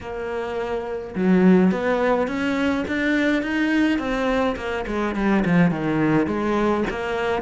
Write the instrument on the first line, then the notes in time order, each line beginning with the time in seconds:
cello
0.00 A#3
1.15 F#3
1.71 B3
2.27 C#4
2.87 D4
3.42 D#4
3.98 C4
4.56 A#3
4.86 G#3
5.15 G3
5.45 F3
5.70 D#3
6.26 G#3
6.90 A#3